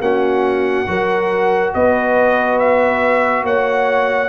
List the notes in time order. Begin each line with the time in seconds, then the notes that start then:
0.00 A#3 C#4 F#4 F#5
0.87 F#3 F#4 A#4
1.74 B3 B4 D#5
2.59 E5
3.44 A#3 C#5 F#5